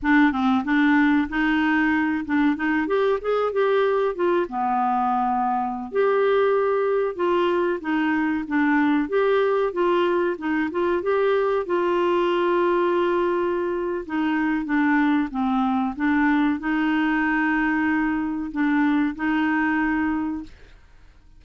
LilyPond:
\new Staff \with { instrumentName = "clarinet" } { \time 4/4 \tempo 4 = 94 d'8 c'8 d'4 dis'4. d'8 | dis'8 g'8 gis'8 g'4 f'8 b4~ | b4~ b16 g'2 f'8.~ | f'16 dis'4 d'4 g'4 f'8.~ |
f'16 dis'8 f'8 g'4 f'4.~ f'16~ | f'2 dis'4 d'4 | c'4 d'4 dis'2~ | dis'4 d'4 dis'2 | }